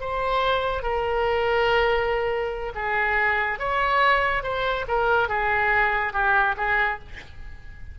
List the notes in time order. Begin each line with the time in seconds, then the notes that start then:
0.00 C5
0.82 A#4
2.75 G#4
3.59 C#5
4.43 C5
4.87 A#4
5.28 G#4
6.13 G4
6.57 G#4